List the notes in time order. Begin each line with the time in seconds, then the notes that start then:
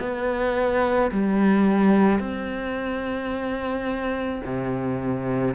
0.00 B3
1.12 G3
2.20 C4
4.45 C3